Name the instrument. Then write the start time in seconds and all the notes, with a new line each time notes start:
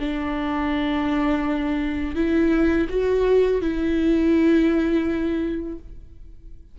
viola
0.00 D4
2.16 E4
2.89 F#4
3.62 E4